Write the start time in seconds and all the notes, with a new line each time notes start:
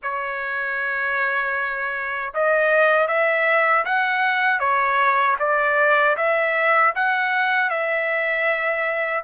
0.02 C#5
2.34 D#5
3.07 E5
3.85 F#5
4.59 C#5
5.39 D5
6.16 E5
6.95 F#5
7.70 E5